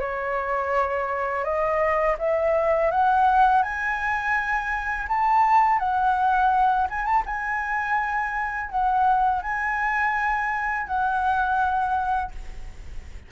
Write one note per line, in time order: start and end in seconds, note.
0.00 1.44 C#5
1.44 2.17 D#5
2.19 2.91 E5
2.91 3.63 F#5
3.63 5.07 G#5
5.08 5.79 A5
5.79 6.87 F#5
6.90 7.05 G#5
7.05 7.23 A5
7.26 8.70 G#5
8.70 9.42 F#5
9.42 10.87 G#5
10.87 12.32 F#5